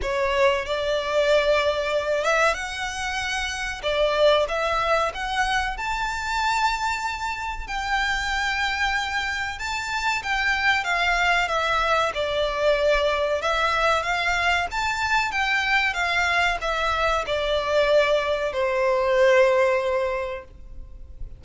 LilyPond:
\new Staff \with { instrumentName = "violin" } { \time 4/4 \tempo 4 = 94 cis''4 d''2~ d''8 e''8 | fis''2 d''4 e''4 | fis''4 a''2. | g''2. a''4 |
g''4 f''4 e''4 d''4~ | d''4 e''4 f''4 a''4 | g''4 f''4 e''4 d''4~ | d''4 c''2. | }